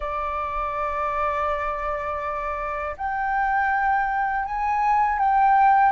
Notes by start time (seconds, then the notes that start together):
0.00 D5
2.97 G5
4.45 G#5
5.19 G5